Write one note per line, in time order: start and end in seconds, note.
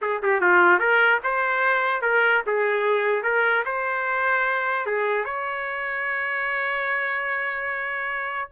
0.01 0.22 G#4
0.22 0.41 G4
0.41 0.79 F4
0.79 1.19 A#4
1.23 2.01 C5
2.01 2.42 A#4
2.46 3.22 G#4
3.22 3.63 A#4
3.65 4.86 C5
4.86 5.24 G#4
5.24 8.49 C#5